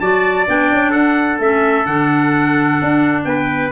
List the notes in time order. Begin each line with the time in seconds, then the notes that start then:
0.00 F#3 F#4 D5 A5
0.46 B3 D4 G5
0.71 C#4
0.90 D4 A4 F#5
1.39 A3 C#4 E5
1.85 D3 D4 F#5
2.81 D4
3.24 B3 B4 G5